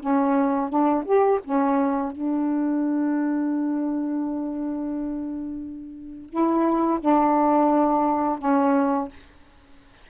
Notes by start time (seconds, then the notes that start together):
0.00 C#4
0.69 D4
1.05 G4
1.44 C#4
2.12 D4
6.29 E4
7.00 D4
8.38 C#4